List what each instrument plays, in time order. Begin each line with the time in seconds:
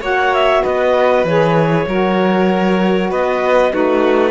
0.00 cello A#3, saxophone F#4, violin C#5, clarinet F#5
0.34 clarinet E5
0.62 cello B3, violin B4, clarinet D#5
1.24 cello E3, saxophone G#4, clarinet C#5
1.87 cello F#3, saxophone F#4, violin A#4
3.10 cello B3, violin B4, clarinet D#5
3.71 cello A3, saxophone D#4, violin F#4, clarinet B4